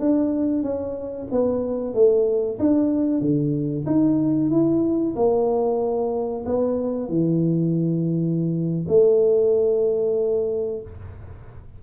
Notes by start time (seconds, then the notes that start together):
0.00 D4
0.63 C#4
1.32 B3
1.94 A3
2.60 D4
3.21 D3
3.87 D#4
4.51 E4
5.16 A#3
6.46 B3
7.09 E3
8.88 A3